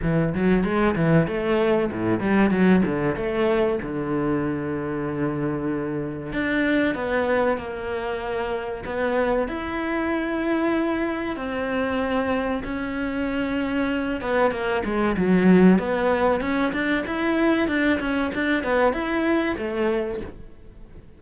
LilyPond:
\new Staff \with { instrumentName = "cello" } { \time 4/4 \tempo 4 = 95 e8 fis8 gis8 e8 a4 a,8 g8 | fis8 d8 a4 d2~ | d2 d'4 b4 | ais2 b4 e'4~ |
e'2 c'2 | cis'2~ cis'8 b8 ais8 gis8 | fis4 b4 cis'8 d'8 e'4 | d'8 cis'8 d'8 b8 e'4 a4 | }